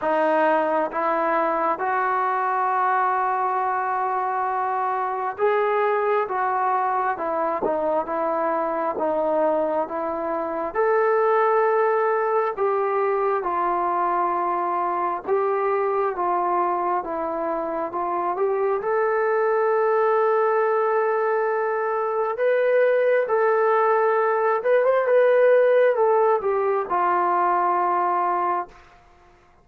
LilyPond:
\new Staff \with { instrumentName = "trombone" } { \time 4/4 \tempo 4 = 67 dis'4 e'4 fis'2~ | fis'2 gis'4 fis'4 | e'8 dis'8 e'4 dis'4 e'4 | a'2 g'4 f'4~ |
f'4 g'4 f'4 e'4 | f'8 g'8 a'2.~ | a'4 b'4 a'4. b'16 c''16 | b'4 a'8 g'8 f'2 | }